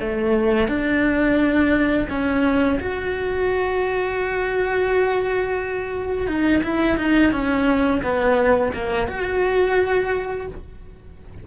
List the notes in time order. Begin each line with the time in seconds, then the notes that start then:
0.00 A3
0.69 D4
2.10 C#4
2.80 F#4
6.28 D#4
6.64 E4
6.98 D#4
7.33 C#4
8.03 B3
8.74 A#3
9.08 F#4